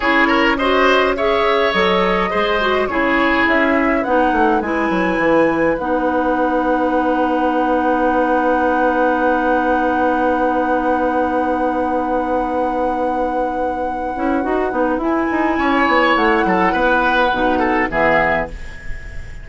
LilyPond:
<<
  \new Staff \with { instrumentName = "flute" } { \time 4/4 \tempo 4 = 104 cis''4 dis''4 e''4 dis''4~ | dis''4 cis''4 e''4 fis''4 | gis''2 fis''2~ | fis''1~ |
fis''1~ | fis''1~ | fis''2 gis''2 | fis''2. e''4 | }
  \new Staff \with { instrumentName = "oboe" } { \time 4/4 gis'8 ais'8 c''4 cis''2 | c''4 gis'2 b'4~ | b'1~ | b'1~ |
b'1~ | b'1~ | b'2. cis''4~ | cis''8 a'8 b'4. a'8 gis'4 | }
  \new Staff \with { instrumentName = "clarinet" } { \time 4/4 e'4 fis'4 gis'4 a'4 | gis'8 fis'8 e'2 dis'4 | e'2 dis'2~ | dis'1~ |
dis'1~ | dis'1~ | dis'8 e'8 fis'8 dis'8 e'2~ | e'2 dis'4 b4 | }
  \new Staff \with { instrumentName = "bassoon" } { \time 4/4 cis'2. fis4 | gis4 cis4 cis'4 b8 a8 | gis8 fis8 e4 b2~ | b1~ |
b1~ | b1~ | b8 cis'8 dis'8 b8 e'8 dis'8 cis'8 b8 | a8 fis8 b4 b,4 e4 | }
>>